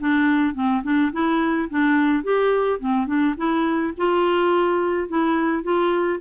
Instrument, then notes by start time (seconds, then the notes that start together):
clarinet
0.00 D4
0.55 C4
0.83 D4
1.12 E4
1.70 D4
2.24 G4
2.80 C4
3.07 D4
3.37 E4
3.98 F4
5.08 E4
5.63 F4